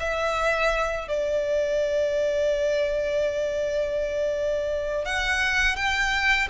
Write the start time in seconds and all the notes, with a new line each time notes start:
0.00 E5
1.08 D5
5.05 F#5
5.76 G5